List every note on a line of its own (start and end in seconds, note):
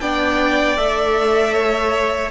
0.00 0.77 B3
0.00 0.77 D4
0.00 1.53 D5
0.00 0.77 G5
0.77 2.31 A3
0.77 2.30 A4
0.77 2.31 E5
1.53 2.30 C#5